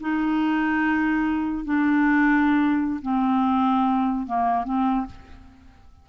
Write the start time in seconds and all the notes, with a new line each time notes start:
0.00 D#4
1.64 D4
3.02 C4
4.26 A#3
4.64 C4